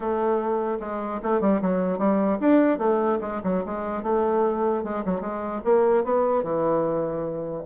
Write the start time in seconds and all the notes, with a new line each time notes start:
0.00 A3
0.80 G#3
1.23 A3
1.40 G3
1.61 F#3
1.98 G3
2.40 D4
2.78 A3
3.20 G#3
3.43 F#3
3.65 G#3
4.02 A3
4.83 G#3
5.05 F#3
5.21 G#3
5.64 A#3
6.04 B3
6.43 E3